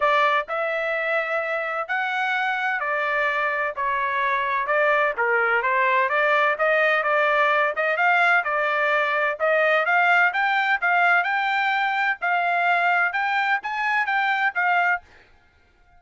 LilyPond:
\new Staff \with { instrumentName = "trumpet" } { \time 4/4 \tempo 4 = 128 d''4 e''2. | fis''2 d''2 | cis''2 d''4 ais'4 | c''4 d''4 dis''4 d''4~ |
d''8 dis''8 f''4 d''2 | dis''4 f''4 g''4 f''4 | g''2 f''2 | g''4 gis''4 g''4 f''4 | }